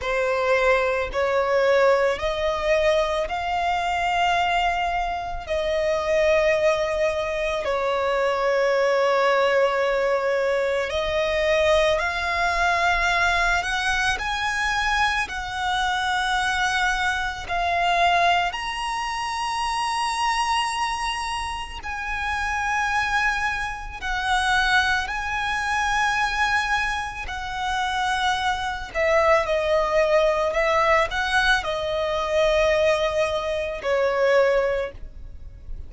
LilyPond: \new Staff \with { instrumentName = "violin" } { \time 4/4 \tempo 4 = 55 c''4 cis''4 dis''4 f''4~ | f''4 dis''2 cis''4~ | cis''2 dis''4 f''4~ | f''8 fis''8 gis''4 fis''2 |
f''4 ais''2. | gis''2 fis''4 gis''4~ | gis''4 fis''4. e''8 dis''4 | e''8 fis''8 dis''2 cis''4 | }